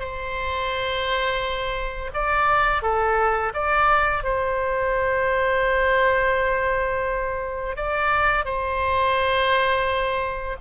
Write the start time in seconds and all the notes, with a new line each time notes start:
0.00 C5
2.14 D5
2.83 A4
3.54 D5
4.24 C5
7.77 D5
8.45 C5